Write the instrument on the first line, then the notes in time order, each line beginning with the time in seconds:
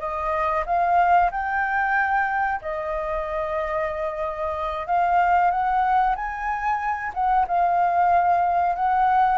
flute
0.00 D#5
0.66 F5
1.32 G5
2.62 D#5
4.87 F5
5.51 F#5
6.16 G#5
7.14 F#5
7.48 F5
8.76 F#5